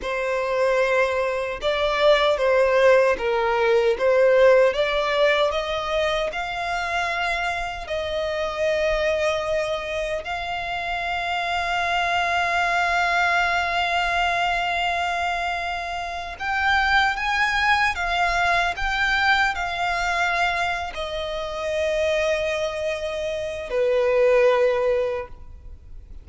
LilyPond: \new Staff \with { instrumentName = "violin" } { \time 4/4 \tempo 4 = 76 c''2 d''4 c''4 | ais'4 c''4 d''4 dis''4 | f''2 dis''2~ | dis''4 f''2.~ |
f''1~ | f''8. g''4 gis''4 f''4 g''16~ | g''8. f''4.~ f''16 dis''4.~ | dis''2 b'2 | }